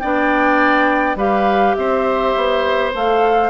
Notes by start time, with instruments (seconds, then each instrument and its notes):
0.00 bassoon B3, clarinet D4, oboe D5, flute G5
1.16 bassoon G3, clarinet G4, oboe B4, flute F5
1.75 bassoon C4, oboe C5, flute E5
2.36 bassoon B3
2.94 bassoon A3, clarinet A4, flute F5